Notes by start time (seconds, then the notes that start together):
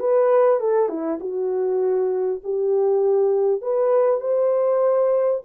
0.00 B4
0.61 A4
0.89 E4
1.21 F#4
2.44 G4
3.62 B4
4.21 C5